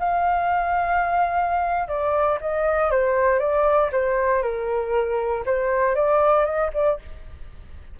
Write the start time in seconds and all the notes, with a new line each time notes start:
0.00 F5
1.88 D5
2.41 D#5
2.91 C5
3.40 D5
3.92 C5
4.43 A#4
5.46 C5
5.95 D5
6.45 D#5
6.74 D5